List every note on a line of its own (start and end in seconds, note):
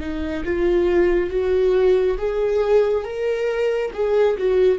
0.00 0.43 D#4
0.44 1.30 F4
1.30 2.17 F#4
2.18 3.04 G#4
3.04 3.91 A#4
3.93 4.36 G#4
4.37 4.78 F#4